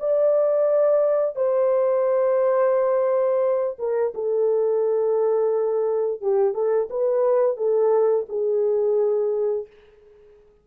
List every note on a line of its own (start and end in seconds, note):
0.00 1.36 D5
1.36 3.77 C5
3.79 4.14 A#4
4.15 6.22 A4
6.22 6.54 G4
6.54 6.89 A4
6.91 7.57 B4
7.57 8.26 A4
8.29 9.67 G#4